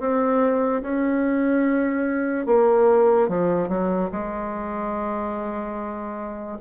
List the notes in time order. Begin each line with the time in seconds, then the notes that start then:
0.00 C4
0.83 C#4
2.47 A#3
3.28 F3
3.69 F#3
4.12 G#3